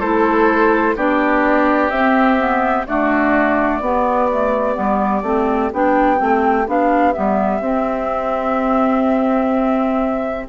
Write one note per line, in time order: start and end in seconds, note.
0.00 0.96 A3
0.00 0.96 E4
0.00 0.95 A4
0.00 0.96 C5
0.96 1.90 B3
0.96 1.91 D4
0.96 2.87 G4
0.96 1.90 D5
1.90 2.86 C4
1.90 2.38 C4
1.90 2.86 E5
2.38 2.86 B3
2.87 3.82 A3
2.87 3.81 D4
2.87 3.82 F#4
2.87 5.72 D5
3.81 4.76 B3
3.81 4.30 B3
3.81 10.49 G4
4.32 4.75 A3
4.75 5.23 G3
4.75 5.22 B3
5.23 5.70 A3
5.23 5.72 C4
5.73 6.21 B3
5.73 6.17 D4
5.73 6.68 G5
6.17 6.67 A3
6.17 6.65 C4
6.67 7.15 B3
6.67 7.14 D4
6.67 7.13 F5
7.13 7.61 G3
7.13 7.61 B3
7.13 10.47 E5
7.61 10.47 C4
7.61 10.49 C4